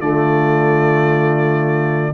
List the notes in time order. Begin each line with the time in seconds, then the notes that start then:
0.00 D3 A3 F4 D5